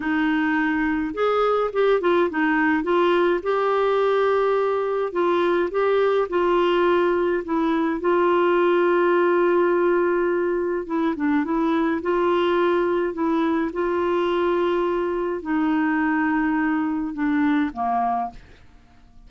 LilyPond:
\new Staff \with { instrumentName = "clarinet" } { \time 4/4 \tempo 4 = 105 dis'2 gis'4 g'8 f'8 | dis'4 f'4 g'2~ | g'4 f'4 g'4 f'4~ | f'4 e'4 f'2~ |
f'2. e'8 d'8 | e'4 f'2 e'4 | f'2. dis'4~ | dis'2 d'4 ais4 | }